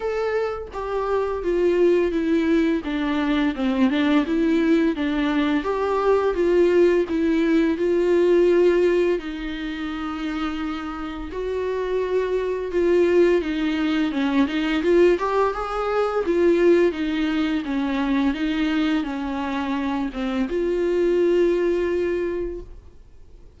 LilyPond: \new Staff \with { instrumentName = "viola" } { \time 4/4 \tempo 4 = 85 a'4 g'4 f'4 e'4 | d'4 c'8 d'8 e'4 d'4 | g'4 f'4 e'4 f'4~ | f'4 dis'2. |
fis'2 f'4 dis'4 | cis'8 dis'8 f'8 g'8 gis'4 f'4 | dis'4 cis'4 dis'4 cis'4~ | cis'8 c'8 f'2. | }